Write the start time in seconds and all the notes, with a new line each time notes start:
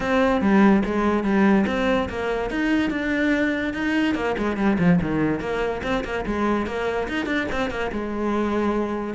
0.00 C4
0.41 G3
0.85 G#3
1.23 G3
1.67 C4
2.09 A#3
2.50 D#4
2.90 D4
3.73 D#4
4.14 A#3
4.37 G#3
4.56 G3
4.78 F3
5.01 D#3
5.40 A#3
5.83 C4
6.04 A#3
6.26 G#3
6.66 A#3
7.08 D#4
7.26 D4
7.52 C4
7.70 A#3
7.91 G#3